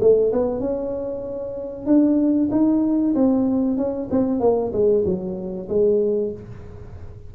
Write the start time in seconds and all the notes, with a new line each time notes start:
0.00 A3
0.32 B3
0.60 C#4
1.86 D4
2.51 D#4
3.14 C4
3.77 C#4
4.10 C4
4.40 A#3
4.73 G#3
5.05 F#3
5.68 G#3